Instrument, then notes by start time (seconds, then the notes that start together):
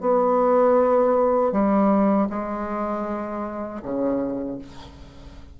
bassoon
0.00 B3
1.52 G3
2.29 G#3
3.82 C#3